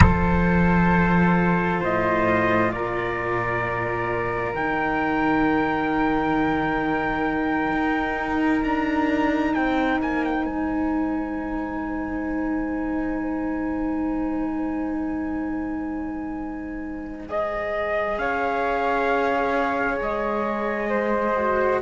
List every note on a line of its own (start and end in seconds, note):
0.00 1.81 F3
0.00 4.54 F4
0.00 1.80 A4
0.00 1.82 C5
1.80 2.71 A2
1.80 2.71 C5
1.80 2.72 D#5
2.71 4.53 A#2
2.71 9.55 A#4
2.71 4.54 D5
4.55 7.72 D#3
4.55 17.27 D#4
4.55 8.63 G5
7.72 8.63 D#4
8.63 9.54 D4
8.63 9.54 A#5
9.54 10.00 C4
9.54 18.18 C5
9.54 9.99 G5
10.00 10.45 A#3
10.00 10.24 G#5
10.24 10.45 G5
10.45 18.18 G#3
10.45 17.26 G#5
17.28 21.36 G#4
17.28 18.18 D#5
18.18 20.00 C#4
18.18 20.89 C#5
18.18 20.00 F5
20.01 21.82 G#3
20.01 21.82 D#5
20.89 21.80 C5
21.36 21.82 F#4